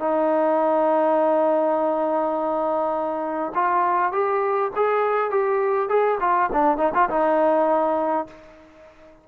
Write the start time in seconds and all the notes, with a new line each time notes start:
0.00 D#4
3.55 F4
4.12 G4
4.76 G#4
5.30 G4
5.89 G#4
6.20 F4
6.53 D4
6.78 D#4
6.95 F4
7.09 D#4